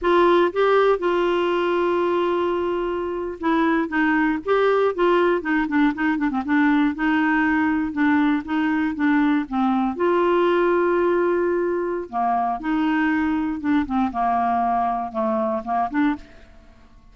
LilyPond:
\new Staff \with { instrumentName = "clarinet" } { \time 4/4 \tempo 4 = 119 f'4 g'4 f'2~ | f'2~ f'8. e'4 dis'16~ | dis'8. g'4 f'4 dis'8 d'8 dis'16~ | dis'16 d'16 c'16 d'4 dis'2 d'16~ |
d'8. dis'4 d'4 c'4 f'16~ | f'1 | ais4 dis'2 d'8 c'8 | ais2 a4 ais8 d'8 | }